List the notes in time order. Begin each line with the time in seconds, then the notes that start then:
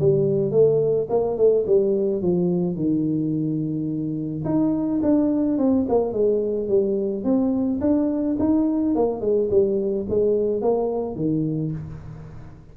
0.00 G3
0.52 A3
1.10 A#3
1.38 A3
1.67 G3
2.22 F3
2.76 D#3
4.45 D#4
5.03 D4
5.58 C4
5.89 A#3
6.14 G#3
6.69 G3
7.24 C4
7.81 D4
8.40 D#4
8.96 A#3
9.21 G#3
9.51 G3
10.10 G#3
10.62 A#3
11.16 D#3